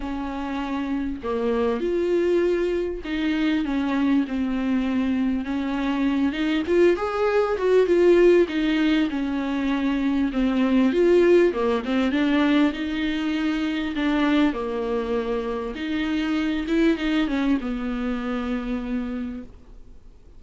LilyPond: \new Staff \with { instrumentName = "viola" } { \time 4/4 \tempo 4 = 99 cis'2 ais4 f'4~ | f'4 dis'4 cis'4 c'4~ | c'4 cis'4. dis'8 f'8 gis'8~ | gis'8 fis'8 f'4 dis'4 cis'4~ |
cis'4 c'4 f'4 ais8 c'8 | d'4 dis'2 d'4 | ais2 dis'4. e'8 | dis'8 cis'8 b2. | }